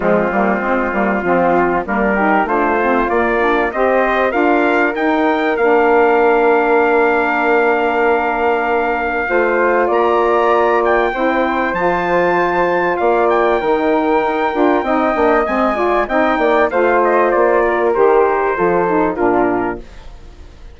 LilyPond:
<<
  \new Staff \with { instrumentName = "trumpet" } { \time 4/4 \tempo 4 = 97 f'2. ais'4 | c''4 d''4 dis''4 f''4 | g''4 f''2.~ | f''1 |
ais''4. g''4. a''4~ | a''4 f''8 g''2~ g''8~ | g''4 gis''4 g''4 f''8 dis''8 | d''4 c''2 ais'4 | }
  \new Staff \with { instrumentName = "flute" } { \time 4/4 c'2 f'4 d'8 g'8 | f'2 c''4 ais'4~ | ais'1~ | ais'2. c''4 |
d''2 c''2~ | c''4 d''4 ais'2 | dis''4. d''8 dis''8 d''8 c''4~ | c''8 ais'4. a'4 f'4 | }
  \new Staff \with { instrumentName = "saxophone" } { \time 4/4 gis8 ais8 c'8 ais8 c'4 ais8 dis'8 | d'8 c'8 ais8 d'8 g'4 f'4 | dis'4 d'2.~ | d'2. f'4~ |
f'2 e'4 f'4~ | f'2 dis'4. f'8 | dis'8 d'8 c'8 f'8 dis'4 f'4~ | f'4 g'4 f'8 dis'8 d'4 | }
  \new Staff \with { instrumentName = "bassoon" } { \time 4/4 f8 g8 gis8 g8 f4 g4 | a4 ais4 c'4 d'4 | dis'4 ais2.~ | ais2. a4 |
ais2 c'4 f4~ | f4 ais4 dis4 dis'8 d'8 | c'8 ais8 gis4 c'8 ais8 a4 | ais4 dis4 f4 ais,4 | }
>>